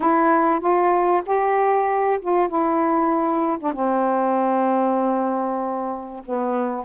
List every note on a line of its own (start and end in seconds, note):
0.00 0.59 E4
0.59 1.22 F4
1.26 2.19 G4
2.21 2.48 F4
2.48 3.57 E4
3.59 3.72 D4
3.72 6.22 C4
6.25 6.84 B3